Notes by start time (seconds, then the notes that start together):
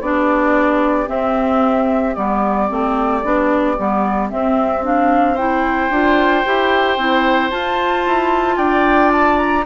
0.00 B3 D4 G4 D5
1.06 C4 E5
2.14 G3 B3 D5
2.68 A3 C4
3.23 B3 D4
3.77 G3 B3
4.29 C4 E5
4.83 D4 F5
5.34 E4 C5 G5
5.90 D4 F4
6.45 E4 G4
6.97 C4 E4
7.50 F4 A5
8.06 E4
8.57 D4 D5 G5
9.11 A5
9.38 A#5